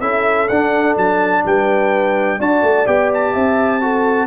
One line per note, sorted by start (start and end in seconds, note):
0.00 0.49 C#4
0.00 0.49 E4
0.00 1.43 A4
0.00 0.48 E5
0.48 0.96 D4
0.48 2.39 D4
0.48 0.95 F#5
0.96 1.44 F#3
0.96 1.45 A5
1.45 2.39 G3
1.45 2.39 B4
1.45 2.41 G5
2.39 2.62 D4
2.39 2.86 F#4
2.39 3.32 D5
2.39 2.87 A5
2.62 2.86 A3
2.86 3.34 B3
2.86 3.81 G4
2.86 3.11 G5
3.14 4.27 A5
3.32 4.27 C4
3.32 3.80 E5
3.81 4.27 F#4
3.81 4.27 A4